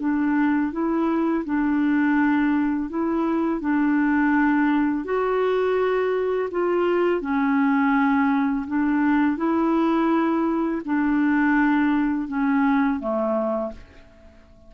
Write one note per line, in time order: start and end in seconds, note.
0.00 0.72 D4
0.72 1.45 E4
1.45 2.89 D4
2.89 3.61 E4
3.61 5.05 D4
5.05 6.49 F#4
6.51 7.21 F4
7.21 8.66 C#4
8.67 9.37 D4
9.37 10.82 E4
10.85 12.28 D4
12.28 13.00 C#4
13.00 13.72 A3